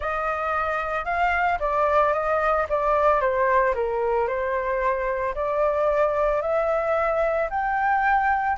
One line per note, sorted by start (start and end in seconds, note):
0.00 1.04 D#5
1.04 1.58 F5
1.59 2.13 D5
2.13 2.66 D#5
2.69 3.20 D5
3.20 3.74 C5
3.74 4.27 A#4
4.27 5.34 C5
5.34 6.41 D5
6.41 7.48 E5
7.50 8.57 G5